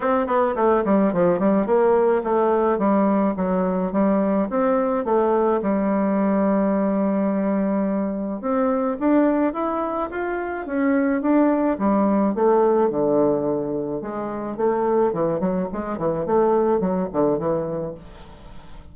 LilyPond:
\new Staff \with { instrumentName = "bassoon" } { \time 4/4 \tempo 4 = 107 c'8 b8 a8 g8 f8 g8 ais4 | a4 g4 fis4 g4 | c'4 a4 g2~ | g2. c'4 |
d'4 e'4 f'4 cis'4 | d'4 g4 a4 d4~ | d4 gis4 a4 e8 fis8 | gis8 e8 a4 fis8 d8 e4 | }